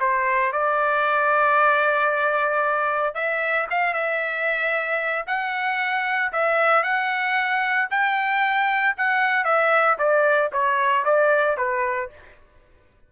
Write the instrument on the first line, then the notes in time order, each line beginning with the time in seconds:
trumpet
0.00 C5
0.52 D5
3.14 E5
3.70 F5
3.94 E5
5.27 F#5
6.32 E5
6.83 F#5
7.90 G5
8.97 F#5
9.44 E5
9.98 D5
10.52 C#5
11.05 D5
11.57 B4